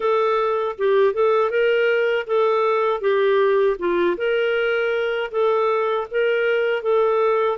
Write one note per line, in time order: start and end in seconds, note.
0.00 0.76 A4
0.78 1.13 G4
1.13 1.50 A4
1.50 2.26 A#4
2.26 3.00 A4
3.00 3.76 G4
3.78 4.16 F4
4.17 5.31 A#4
5.31 6.07 A4
6.10 6.82 A#4
6.82 7.57 A4